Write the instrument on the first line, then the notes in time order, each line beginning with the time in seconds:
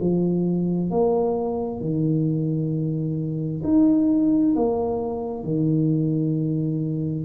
tuba
0.00 F3
0.90 A#3
1.80 D#3
3.63 D#4
4.55 A#3
5.43 D#3